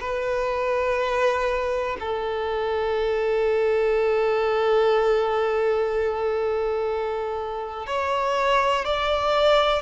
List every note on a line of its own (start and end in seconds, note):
0.00 1.97 B4
2.00 7.87 A4
7.87 8.85 C#5
8.85 9.82 D5